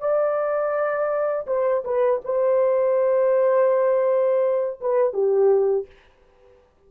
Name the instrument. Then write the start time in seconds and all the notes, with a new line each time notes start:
horn
0.00 D5
1.47 C5
1.84 B4
2.24 C5
4.81 B4
5.13 G4